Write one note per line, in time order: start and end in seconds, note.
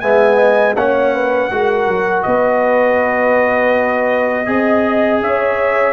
0.00 0.76 G#3
0.00 0.76 B3
0.00 0.37 E5
0.00 0.74 G#5
0.37 0.74 D#5
0.76 1.50 A#3
0.76 1.51 C#4
0.76 1.14 C#5
0.76 2.23 F#5
1.14 1.51 B4
1.51 1.87 G#3
1.51 4.46 F#4
1.51 2.26 A#4
1.87 2.24 F#3
2.23 4.47 B3
2.23 4.48 B4
2.23 5.19 D#5
4.46 5.21 C4
4.46 5.93 G#4
4.46 5.22 D#5
5.21 5.93 C#4
5.21 5.93 C#5
5.21 5.93 E5